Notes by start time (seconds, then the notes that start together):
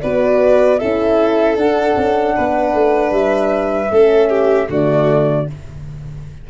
0.00 B3 F#4 B4 D5
0.78 C#4 E4 A4 E5
1.56 D4 F#5
1.96 C#4
2.35 B3 B4
2.74 A3
3.11 G3 E5
3.90 A3 C#4 A4
4.29 G4
4.69 D3 A3 F#4 D5